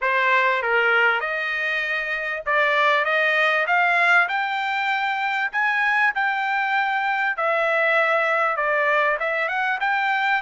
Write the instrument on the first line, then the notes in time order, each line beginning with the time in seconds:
trumpet
0.01 C5
0.62 A#4
1.20 D#5
2.46 D5
3.04 D#5
3.67 F5
4.28 G5
5.52 G#5
6.14 G5
7.36 E5
8.56 D5
9.19 E5
9.48 F#5
9.80 G5